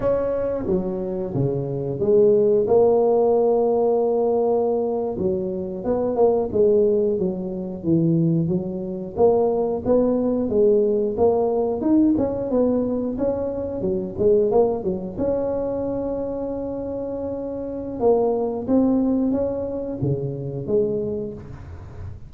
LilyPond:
\new Staff \with { instrumentName = "tuba" } { \time 4/4 \tempo 4 = 90 cis'4 fis4 cis4 gis4 | ais2.~ ais8. fis16~ | fis8. b8 ais8 gis4 fis4 e16~ | e8. fis4 ais4 b4 gis16~ |
gis8. ais4 dis'8 cis'8 b4 cis'16~ | cis'8. fis8 gis8 ais8 fis8 cis'4~ cis'16~ | cis'2. ais4 | c'4 cis'4 cis4 gis4 | }